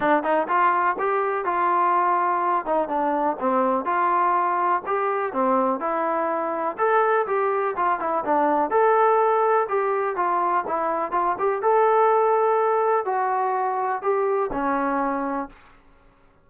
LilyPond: \new Staff \with { instrumentName = "trombone" } { \time 4/4 \tempo 4 = 124 d'8 dis'8 f'4 g'4 f'4~ | f'4. dis'8 d'4 c'4 | f'2 g'4 c'4 | e'2 a'4 g'4 |
f'8 e'8 d'4 a'2 | g'4 f'4 e'4 f'8 g'8 | a'2. fis'4~ | fis'4 g'4 cis'2 | }